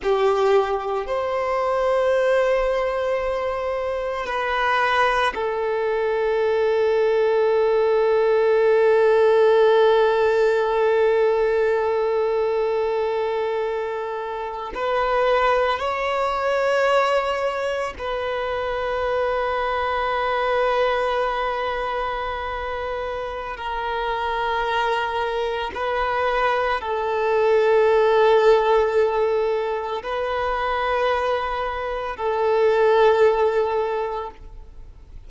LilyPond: \new Staff \with { instrumentName = "violin" } { \time 4/4 \tempo 4 = 56 g'4 c''2. | b'4 a'2.~ | a'1~ | a'4.~ a'16 b'4 cis''4~ cis''16~ |
cis''8. b'2.~ b'16~ | b'2 ais'2 | b'4 a'2. | b'2 a'2 | }